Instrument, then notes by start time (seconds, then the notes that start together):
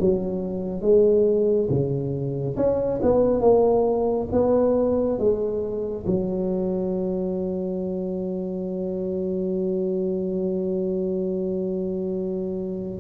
tuba
0.00 F#3
0.82 G#3
1.69 C#3
2.57 C#4
3.02 B3
3.41 A#3
4.32 B3
5.19 G#3
6.06 F#3